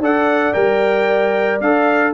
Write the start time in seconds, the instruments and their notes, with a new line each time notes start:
0.00 tuba D4, trombone A4, horn D5, trumpet F#5
0.54 tuba G3, trombone A#4, trumpet G5
1.61 tuba D4, trombone A4, trumpet F5